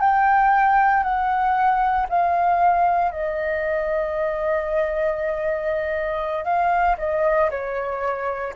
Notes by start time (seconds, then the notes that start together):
0.00 G5
1.03 F#5
2.09 F5
3.11 D#5
6.44 F5
6.98 D#5
7.50 C#5